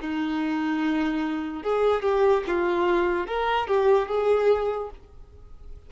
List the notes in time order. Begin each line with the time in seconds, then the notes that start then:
0.00 D#4
1.63 G#4
2.02 G4
2.47 F4
3.27 A#4
3.67 G4
4.08 G#4